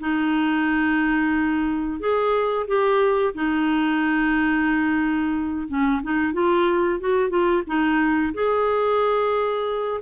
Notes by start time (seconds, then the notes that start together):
0.00 D#4
2.00 G#4
2.67 G4
3.35 D#4
5.68 C#4
6.03 D#4
6.34 F4
7.00 F#4
7.30 F4
7.67 D#4
8.34 G#4